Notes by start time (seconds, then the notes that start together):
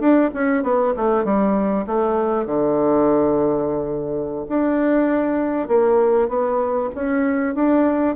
0.00 D4
0.34 C#4
0.63 B3
0.97 A3
1.24 G3
1.86 A3
2.46 D3
4.49 D4
5.68 A#3
6.28 B3
6.95 C#4
7.55 D4